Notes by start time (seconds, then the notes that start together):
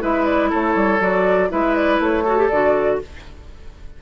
0.00 G#3 E4 B4 E5
0.25 D5
0.50 A3 A4 C#5
0.75 G3
1.01 F#3 F#4 D5
1.49 G#3 E4 B4 E5
1.76 D5
2.00 A3 C#5
2.24 F#4 A4
2.38 G4
2.49 D3 F#4 D5